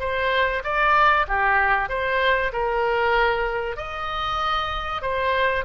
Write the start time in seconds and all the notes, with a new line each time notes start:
0.00 C5
0.64 D5
1.28 G4
1.89 C5
2.53 A#4
3.77 D#5
5.02 C5